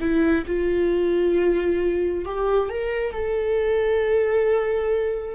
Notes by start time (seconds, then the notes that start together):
0.00 E4
0.46 F4
2.25 G4
2.69 A#4
3.13 A4